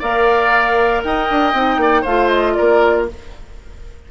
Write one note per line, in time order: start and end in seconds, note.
0.00 1.04 A#3
0.00 1.55 A#4
0.00 1.02 D5
0.00 1.04 F5
1.04 1.30 D#4
1.04 1.82 D#5
1.04 2.05 G5
1.31 1.54 D4
1.54 1.78 C4
1.54 2.06 D#4
1.78 2.03 A#3
1.78 2.02 D5
2.02 2.57 A3
2.02 3.09 F4
2.02 2.53 C5
2.02 2.29 F5
2.29 2.54 D#5
2.54 3.08 A#4
2.54 3.05 D5
2.61 3.11 A#3